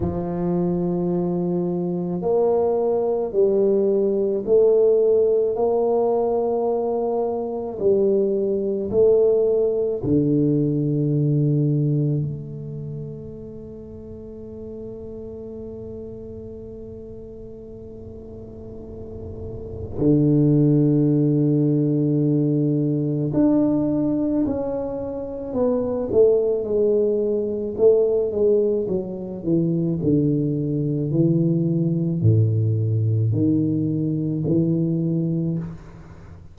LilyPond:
\new Staff \with { instrumentName = "tuba" } { \time 4/4 \tempo 4 = 54 f2 ais4 g4 | a4 ais2 g4 | a4 d2 a4~ | a1~ |
a2 d2~ | d4 d'4 cis'4 b8 a8 | gis4 a8 gis8 fis8 e8 d4 | e4 a,4 dis4 e4 | }